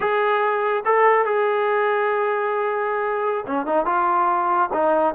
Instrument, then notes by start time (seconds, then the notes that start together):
trombone
0.00 G#4
0.85 A4
1.25 G#4
3.46 C#4
3.66 D#4
3.85 F4
4.73 D#4